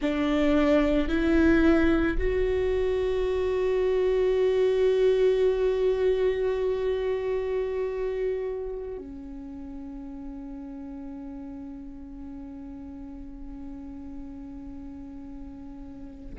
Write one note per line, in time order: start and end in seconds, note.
0.01 1.08 D4
1.08 2.17 E4
2.18 8.98 F#4
8.98 16.34 C#4